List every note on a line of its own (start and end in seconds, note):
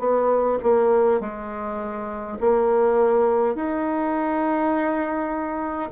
0.00 0.59 B3
0.63 1.21 A#3
1.21 2.39 G#3
2.41 3.56 A#3
3.56 5.91 D#4